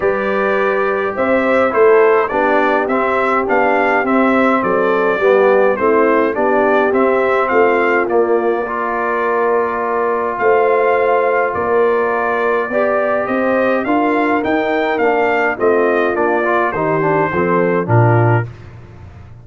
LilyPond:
<<
  \new Staff \with { instrumentName = "trumpet" } { \time 4/4 \tempo 4 = 104 d''2 e''4 c''4 | d''4 e''4 f''4 e''4 | d''2 c''4 d''4 | e''4 f''4 d''2~ |
d''2 f''2 | d''2. dis''4 | f''4 g''4 f''4 dis''4 | d''4 c''2 ais'4 | }
  \new Staff \with { instrumentName = "horn" } { \time 4/4 b'2 c''4 a'4 | g'1 | a'4 g'4 e'4 g'4~ | g'4 f'2 ais'4~ |
ais'2 c''2 | ais'2 d''4 c''4 | ais'2. f'4~ | f'4 g'4 a'4 f'4 | }
  \new Staff \with { instrumentName = "trombone" } { \time 4/4 g'2. e'4 | d'4 c'4 d'4 c'4~ | c'4 b4 c'4 d'4 | c'2 ais4 f'4~ |
f'1~ | f'2 g'2 | f'4 dis'4 d'4 c'4 | d'8 f'8 dis'8 d'8 c'4 d'4 | }
  \new Staff \with { instrumentName = "tuba" } { \time 4/4 g2 c'4 a4 | b4 c'4 b4 c'4 | fis4 g4 a4 b4 | c'4 a4 ais2~ |
ais2 a2 | ais2 b4 c'4 | d'4 dis'4 ais4 a4 | ais4 dis4 f4 ais,4 | }
>>